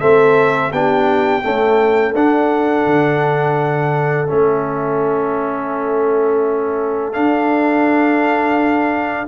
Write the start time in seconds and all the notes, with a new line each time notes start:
0.00 A3 C4 A4 E5
0.72 B3 D4 G4 G5
1.43 A3 C#4 A4
2.15 D4 F#5
2.86 D3
4.27 A3 C#4 E5
7.13 D4 F5